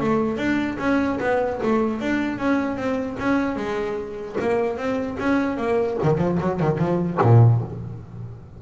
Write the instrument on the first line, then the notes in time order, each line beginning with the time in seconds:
double bass
0.00 A3
0.37 D4
0.79 C#4
1.20 B3
1.63 A3
2.01 D4
2.39 C#4
2.77 C4
3.19 C#4
3.56 G#3
4.41 A#3
4.77 C4
5.20 C#4
5.57 A#3
6.03 D#3
6.18 F3
6.40 F#3
6.60 D#3
6.78 F3
7.22 A#2